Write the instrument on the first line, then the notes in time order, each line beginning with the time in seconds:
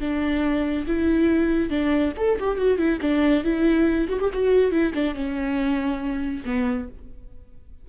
viola
0.00 D4
0.87 E4
1.69 D4
2.17 A4
2.39 G4
2.57 F#4
2.77 E4
3.01 D4
3.43 E4
4.08 F#4
4.20 G4
4.33 F#4
4.71 E4
4.94 D4
5.14 C#4
6.45 B3